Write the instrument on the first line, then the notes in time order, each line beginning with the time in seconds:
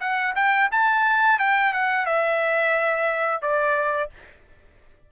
trumpet
0.00 F#5
0.35 G5
0.71 A5
1.39 G5
1.73 F#5
2.05 E5
3.41 D5